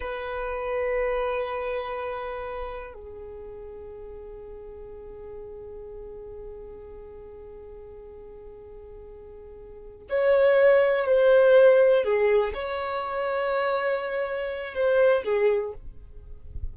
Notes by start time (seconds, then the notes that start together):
0.00 B4
2.93 G#4
10.09 C#5
11.05 C5
12.04 G#4
12.53 C#5
14.74 C5
15.24 G#4